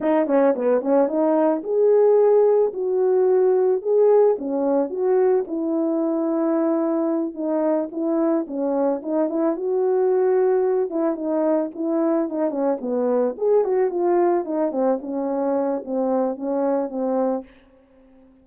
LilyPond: \new Staff \with { instrumentName = "horn" } { \time 4/4 \tempo 4 = 110 dis'8 cis'8 b8 cis'8 dis'4 gis'4~ | gis'4 fis'2 gis'4 | cis'4 fis'4 e'2~ | e'4. dis'4 e'4 cis'8~ |
cis'8 dis'8 e'8 fis'2~ fis'8 | e'8 dis'4 e'4 dis'8 cis'8 b8~ | b8 gis'8 fis'8 f'4 dis'8 c'8 cis'8~ | cis'4 c'4 cis'4 c'4 | }